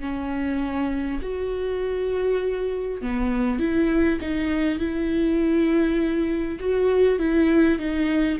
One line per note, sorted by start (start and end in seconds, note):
0.00 1.20 C#4
1.22 3.01 F#4
3.01 3.59 B3
3.59 4.19 E4
4.21 4.79 D#4
4.79 6.59 E4
6.60 7.19 F#4
7.19 7.79 E4
7.79 8.39 D#4